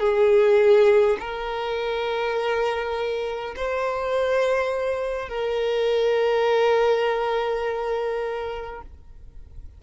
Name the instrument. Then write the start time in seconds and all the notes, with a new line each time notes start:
violin
0.00 G#4
1.20 A#4
3.57 C5
5.29 A#4